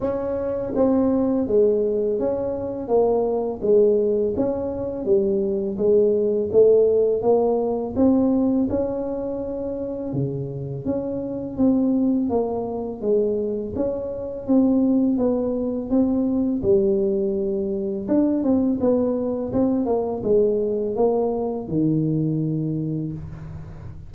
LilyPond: \new Staff \with { instrumentName = "tuba" } { \time 4/4 \tempo 4 = 83 cis'4 c'4 gis4 cis'4 | ais4 gis4 cis'4 g4 | gis4 a4 ais4 c'4 | cis'2 cis4 cis'4 |
c'4 ais4 gis4 cis'4 | c'4 b4 c'4 g4~ | g4 d'8 c'8 b4 c'8 ais8 | gis4 ais4 dis2 | }